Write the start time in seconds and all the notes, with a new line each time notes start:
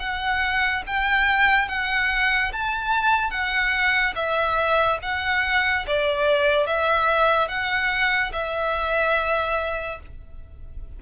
0.00 F#5
0.87 G5
1.69 F#5
2.53 A5
3.31 F#5
4.16 E5
5.03 F#5
5.87 D5
6.67 E5
7.48 F#5
8.33 E5